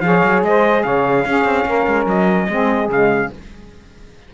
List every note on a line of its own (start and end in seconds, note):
0.00 0.22 F3
0.00 1.25 G#4
0.00 0.45 C#5
0.00 0.41 F5
0.23 0.42 F#3
0.42 0.83 G#3
0.42 0.83 C5
0.42 0.83 D#5
0.83 1.25 C#3
0.83 1.24 C#5
0.83 2.06 F5
1.25 1.44 C#4
1.25 2.49 C#4
1.25 1.66 G#4
1.44 1.64 C4
1.65 1.86 A#3
1.65 2.48 A#4
1.87 2.06 G#3
2.06 2.47 F#3
2.06 2.90 D#5
2.49 2.88 G#3
2.49 2.90 C4
2.49 3.33 G#4
2.88 3.29 C#3
2.88 3.32 G#3
2.88 3.32 F5